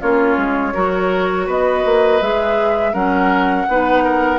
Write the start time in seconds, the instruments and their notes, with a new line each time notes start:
0.00 bassoon A#3, clarinet C#4, oboe F4, flute C#5
0.36 bassoon G#3
0.73 bassoon F#3, clarinet F#4, oboe A#4
1.46 bassoon B3, oboe B4, flute D#5
1.85 bassoon A#3
2.21 bassoon G#3, clarinet G#4, flute E5
2.93 bassoon F#3, clarinet C#4, oboe A#4, flute F#5
3.67 bassoon B3, clarinet D#4, oboe B4
4.03 oboe A#4